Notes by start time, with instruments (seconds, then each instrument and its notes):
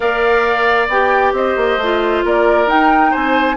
0.00 bassoon A#3, clarinet A#4, oboe D5, flute F5
0.88 bassoon B3, clarinet G4, flute G5
1.32 bassoon C4, oboe C5, flute D#5
1.56 bassoon A#3
1.77 bassoon A3, clarinet F4
2.25 bassoon A#3, oboe A#4, flute D5
2.66 bassoon D#4, clarinet D#4, flute G5
3.10 bassoon C4, oboe C5, flute G#5